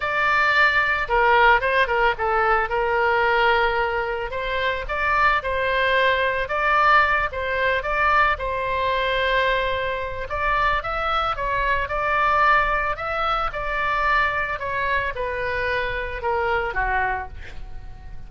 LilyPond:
\new Staff \with { instrumentName = "oboe" } { \time 4/4 \tempo 4 = 111 d''2 ais'4 c''8 ais'8 | a'4 ais'2. | c''4 d''4 c''2 | d''4. c''4 d''4 c''8~ |
c''2. d''4 | e''4 cis''4 d''2 | e''4 d''2 cis''4 | b'2 ais'4 fis'4 | }